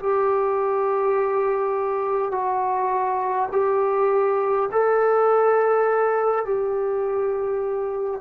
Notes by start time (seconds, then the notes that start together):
0.00 G4
2.32 F#4
3.52 G4
4.72 A4
6.45 G4